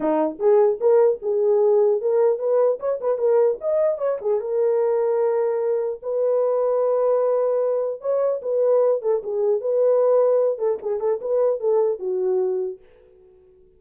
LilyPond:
\new Staff \with { instrumentName = "horn" } { \time 4/4 \tempo 4 = 150 dis'4 gis'4 ais'4 gis'4~ | gis'4 ais'4 b'4 cis''8 b'8 | ais'4 dis''4 cis''8 gis'8 ais'4~ | ais'2. b'4~ |
b'1 | cis''4 b'4. a'8 gis'4 | b'2~ b'8 a'8 gis'8 a'8 | b'4 a'4 fis'2 | }